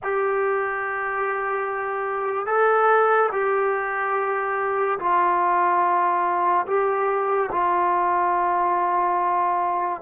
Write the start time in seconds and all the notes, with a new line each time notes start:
0.03 G4
2.46 A4
3.32 G4
4.99 F4
6.66 G4
7.52 F4